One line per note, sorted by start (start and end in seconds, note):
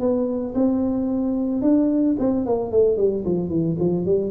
0.00 0.54 B3
0.55 1.62 C4
1.62 2.16 D4
2.19 2.46 C4
2.46 2.72 A#3
2.72 2.97 A3
2.97 3.24 G3
3.25 3.49 F3
3.49 3.76 E3
3.79 4.06 F3
4.06 4.30 G3